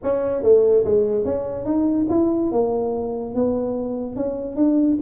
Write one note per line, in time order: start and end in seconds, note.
0.03 0.42 C#4
0.42 0.84 A3
0.84 1.24 G#3
1.24 1.65 C#4
1.65 2.07 D#4
2.09 2.51 E4
2.51 3.34 A#3
3.34 4.16 B3
4.16 4.55 C#4
4.55 4.97 D4